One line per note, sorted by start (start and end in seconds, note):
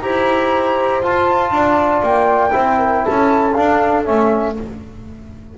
0.00 1.02 E4
0.00 1.02 G4
0.00 1.53 C5
0.00 1.01 A#5
1.02 1.50 F4
1.02 2.50 F4
1.02 2.03 A5
1.50 2.01 D4
1.50 2.53 D5
2.02 2.52 A#3
2.02 3.04 G5
2.50 3.06 C4
2.50 3.51 E4
2.50 2.78 C5
2.78 3.03 A#4
3.05 3.57 C#4
3.05 4.56 A4
3.05 3.53 A5
3.53 4.04 D4
3.53 4.07 D4
3.53 4.04 F5
4.04 4.58 A3
4.04 4.54 C#4
4.04 4.55 E5